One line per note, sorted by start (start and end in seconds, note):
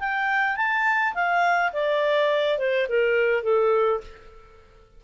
0.00 0.57 G5
0.57 1.15 A5
1.15 1.73 F5
1.73 2.59 D5
2.59 2.88 C5
2.89 3.44 A#4
3.44 4.01 A4